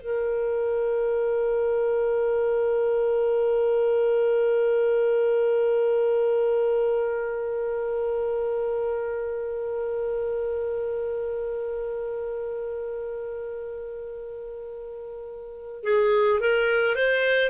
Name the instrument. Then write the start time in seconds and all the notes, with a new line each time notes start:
clarinet
0.00 A#4
15.83 G#4
16.40 A#4
16.96 C5